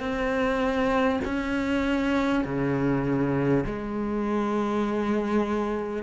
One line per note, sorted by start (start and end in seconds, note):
0.00 1.20 C4
1.24 2.44 C#4
2.44 3.64 C#3
3.66 6.03 G#3